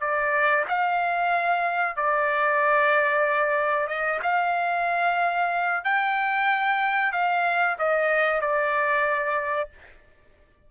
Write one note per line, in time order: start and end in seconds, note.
0.00 0.65 D5
0.68 1.96 F5
1.96 3.87 D5
3.87 4.20 D#5
4.23 5.84 F5
5.84 7.12 G5
7.12 7.77 F5
7.78 8.41 D#5
8.41 9.70 D5